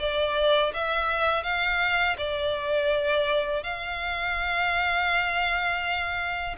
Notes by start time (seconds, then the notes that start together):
0.00 D5
0.74 E5
1.44 F5
2.18 D5
3.64 F5